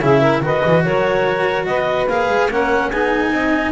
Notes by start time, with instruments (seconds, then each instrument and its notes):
0.00 double bass C#3, cello E4, saxophone G#4, clarinet E5
0.20 saxophone A#4
0.41 double bass D#3, cello F#4, saxophone B4, clarinet D#5
0.66 double bass E3
0.84 double bass F#3, saxophone A#4, clarinet C#5
1.66 double bass B3, saxophone B4, clarinet D#5
2.07 double bass A#3, cello G#4, clarinet F5
2.28 double bass G#3
2.49 double bass A#3, cello C#4, saxophone A#4, clarinet F#5
2.90 double bass B3, cello D#4, saxophone G#4, clarinet G#5
3.31 double bass C4, saxophone D#5